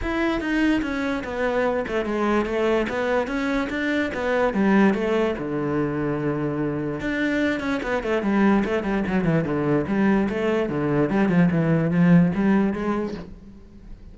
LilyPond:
\new Staff \with { instrumentName = "cello" } { \time 4/4 \tempo 4 = 146 e'4 dis'4 cis'4 b4~ | b8 a8 gis4 a4 b4 | cis'4 d'4 b4 g4 | a4 d2.~ |
d4 d'4. cis'8 b8 a8 | g4 a8 g8 fis8 e8 d4 | g4 a4 d4 g8 f8 | e4 f4 g4 gis4 | }